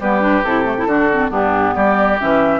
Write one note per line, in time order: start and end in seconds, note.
0.00 0.43 G3
0.00 0.21 B3
0.00 0.87 G4
0.00 0.44 B4
0.21 0.42 D4
0.44 0.86 C3
0.44 0.64 E4
0.44 1.31 A4
0.64 0.75 A3
0.78 0.88 E4
0.86 1.30 D3
0.86 1.10 D4
0.86 1.30 F#4
1.12 1.30 C4
1.30 1.73 G2
1.30 2.17 B3
1.30 1.74 D4
1.30 1.75 G4
1.75 2.19 G3
1.75 2.60 G4
1.75 2.19 D5
2.19 2.60 E3
2.19 2.60 C#4
2.19 2.60 E5